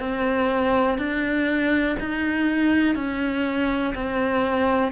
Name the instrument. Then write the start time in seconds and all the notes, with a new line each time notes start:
cello
0.00 C4
0.98 D4
2.00 D#4
2.96 C#4
3.95 C4